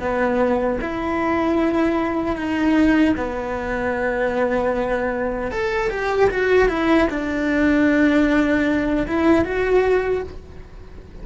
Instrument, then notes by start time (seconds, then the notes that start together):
cello
0.00 B3
0.81 E4
2.36 D#4
3.17 B3
5.51 A4
5.90 G4
6.30 F#4
6.68 E4
7.09 D4
9.07 E4
9.44 F#4